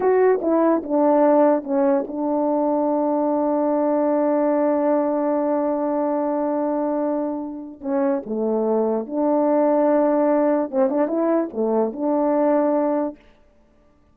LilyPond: \new Staff \with { instrumentName = "horn" } { \time 4/4 \tempo 4 = 146 fis'4 e'4 d'2 | cis'4 d'2.~ | d'1~ | d'1~ |
d'2. cis'4 | a2 d'2~ | d'2 c'8 d'8 e'4 | a4 d'2. | }